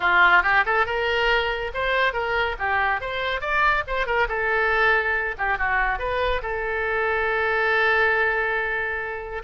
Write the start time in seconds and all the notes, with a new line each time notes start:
0.00 F4
0.43 G4
0.65 A4
0.86 A#4
1.74 C5
2.13 A#4
2.59 G4
3.00 C5
3.41 D5
3.87 C5
4.06 A#4
4.28 A4
5.38 G4
5.58 F#4
5.98 B4
6.42 A4